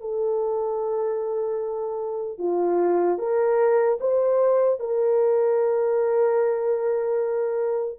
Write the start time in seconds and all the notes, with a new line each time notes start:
0.00 A4
2.38 F4
3.18 A#4
4.00 C5
4.79 A#4